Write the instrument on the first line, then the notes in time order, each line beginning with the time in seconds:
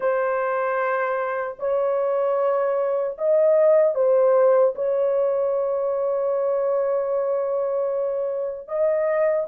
horn
0.00 C5
1.59 C#5
3.18 D#5
3.95 C5
4.75 C#5
8.67 D#5